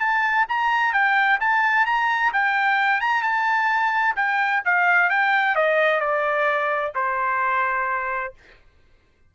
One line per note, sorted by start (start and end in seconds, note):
0.00 0.46 A5
0.49 0.93 A#5
0.93 1.39 G5
1.41 1.86 A5
1.86 2.32 A#5
2.33 3.01 G5
3.01 3.23 A#5
3.23 4.15 A5
4.16 4.62 G5
4.65 5.10 F5
5.10 5.56 G5
5.56 6.00 D#5
6.00 6.93 D5
6.95 8.34 C5